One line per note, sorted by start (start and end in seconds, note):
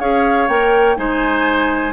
0.00 0.48 C#4
0.00 0.49 G#4
0.00 0.98 C#5
0.00 0.48 F5
0.48 0.97 A#3
0.48 0.97 A#4
0.48 0.97 G5
0.97 1.93 G#3
0.97 1.93 D#4
0.97 1.93 C5
0.97 1.93 G#5